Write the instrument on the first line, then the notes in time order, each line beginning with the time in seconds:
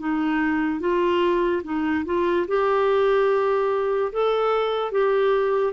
clarinet
0.00 D#4
0.81 F4
1.64 D#4
2.06 F4
2.48 G4
4.13 A4
4.92 G4